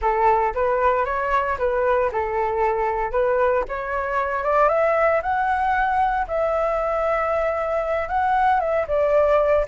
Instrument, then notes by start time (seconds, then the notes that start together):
flute
0.01 A4
0.54 B4
1.05 C#5
1.58 B4
2.12 A4
3.11 B4
3.68 C#5
4.43 D5
4.69 E5
5.22 F#5
6.27 E5
8.08 F#5
8.59 E5
8.87 D5